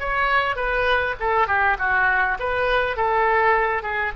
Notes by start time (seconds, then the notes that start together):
0.00 C#5
0.56 B4
1.20 A4
1.48 G4
1.79 F#4
2.40 B4
2.97 A4
3.83 G#4